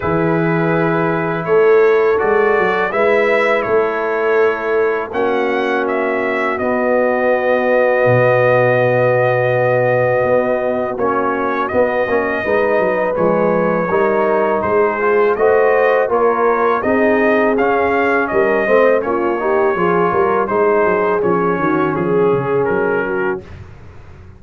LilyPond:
<<
  \new Staff \with { instrumentName = "trumpet" } { \time 4/4 \tempo 4 = 82 b'2 cis''4 d''4 | e''4 cis''2 fis''4 | e''4 dis''2.~ | dis''2. cis''4 |
dis''2 cis''2 | c''4 dis''4 cis''4 dis''4 | f''4 dis''4 cis''2 | c''4 cis''4 gis'4 ais'4 | }
  \new Staff \with { instrumentName = "horn" } { \time 4/4 gis'2 a'2 | b'4 a'2 fis'4~ | fis'1~ | fis'1~ |
fis'4 b'2 ais'4 | gis'4 c''4 ais'4 gis'4~ | gis'4 ais'8 c''8 f'8 g'8 gis'8 ais'8 | gis'4. fis'8 gis'4. fis'8 | }
  \new Staff \with { instrumentName = "trombone" } { \time 4/4 e'2. fis'4 | e'2. cis'4~ | cis'4 b2.~ | b2. cis'4 |
b8 cis'8 dis'4 gis4 dis'4~ | dis'8 f'8 fis'4 f'4 dis'4 | cis'4. c'8 cis'8 dis'8 f'4 | dis'4 cis'2. | }
  \new Staff \with { instrumentName = "tuba" } { \time 4/4 e2 a4 gis8 fis8 | gis4 a2 ais4~ | ais4 b2 b,4~ | b,2 b4 ais4 |
b8 ais8 gis8 fis8 f4 g4 | gis4 a4 ais4 c'4 | cis'4 g8 a8 ais4 f8 g8 | gis8 fis8 f8 dis8 f8 cis8 fis4 | }
>>